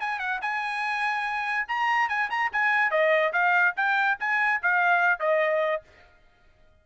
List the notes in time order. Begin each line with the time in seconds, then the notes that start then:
0.00 G#5
0.19 F#5
0.42 G#5
1.68 A#5
2.09 G#5
2.30 A#5
2.53 G#5
2.91 D#5
3.33 F5
3.77 G5
4.20 G#5
4.62 F5
5.20 D#5